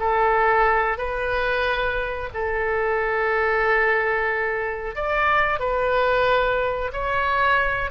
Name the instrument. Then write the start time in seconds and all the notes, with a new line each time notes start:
oboe
0.00 A4
0.98 B4
2.34 A4
4.96 D5
5.60 B4
6.93 C#5